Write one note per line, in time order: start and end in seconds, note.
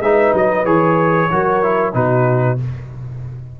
0.00 0.32 G#3
0.00 0.65 D#4
0.00 1.31 B4
0.00 0.34 E5
0.34 0.65 F#3
0.34 0.66 D#5
0.65 1.30 E3
0.65 1.30 G#4
0.65 1.94 C#5
1.31 1.94 F#3
1.31 1.63 F#4
1.31 1.95 A#4
1.63 1.93 E4
1.93 2.59 B2
1.93 2.58 D#4
1.93 2.60 F#4
1.93 2.59 B4